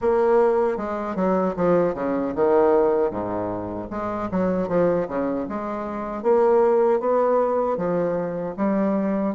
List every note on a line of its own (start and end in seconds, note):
0.01 0.77 A#3
0.77 1.15 G#3
1.15 1.54 F#3
1.56 1.94 F3
1.94 2.33 C#3
2.35 3.10 D#3
3.10 3.88 G#2
3.90 4.29 G#3
4.31 4.68 F#3
4.68 5.07 F3
5.08 5.47 C#3
5.49 6.22 G#3
6.22 7.00 A#3
7.00 7.77 B3
7.77 8.55 F3
8.56 9.34 G3